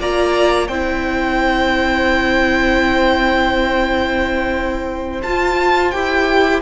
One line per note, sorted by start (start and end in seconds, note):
0.00 0.69 A#3
0.00 0.70 F4
0.00 0.69 D5
0.00 0.68 A#5
0.68 5.23 C4
0.68 5.25 E4
0.68 6.62 C5
0.68 5.22 G5
5.23 5.94 F4
5.23 5.93 F4
5.23 5.91 A5
5.91 6.62 E4
5.91 6.62 G4
5.91 6.61 G5